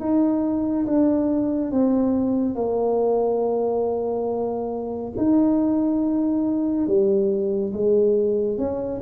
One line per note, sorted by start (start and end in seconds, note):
0.00 0.86 D#4
0.86 1.71 D4
1.71 2.55 C4
2.55 5.12 A#3
5.17 6.87 D#4
6.87 7.73 G3
7.73 8.58 G#3
8.58 9.01 C#4